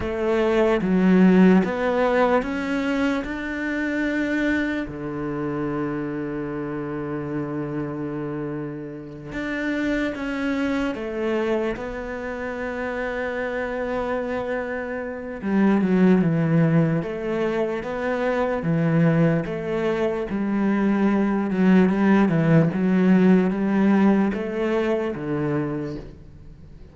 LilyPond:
\new Staff \with { instrumentName = "cello" } { \time 4/4 \tempo 4 = 74 a4 fis4 b4 cis'4 | d'2 d2~ | d2.~ d8 d'8~ | d'8 cis'4 a4 b4.~ |
b2. g8 fis8 | e4 a4 b4 e4 | a4 g4. fis8 g8 e8 | fis4 g4 a4 d4 | }